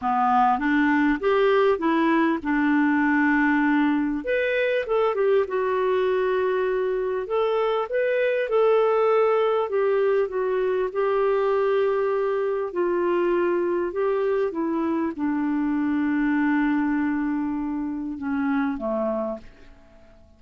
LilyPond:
\new Staff \with { instrumentName = "clarinet" } { \time 4/4 \tempo 4 = 99 b4 d'4 g'4 e'4 | d'2. b'4 | a'8 g'8 fis'2. | a'4 b'4 a'2 |
g'4 fis'4 g'2~ | g'4 f'2 g'4 | e'4 d'2.~ | d'2 cis'4 a4 | }